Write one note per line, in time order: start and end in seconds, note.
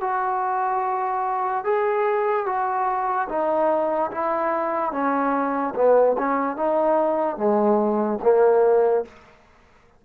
0.00 1.64 F#4
1.64 2.45 G#4
2.45 3.28 F#4
3.28 4.11 D#4
4.11 4.91 E4
4.91 5.73 C#4
5.75 6.16 B3
6.18 6.56 C#4
6.56 7.36 D#4
7.36 8.19 G#3
8.22 9.04 A#3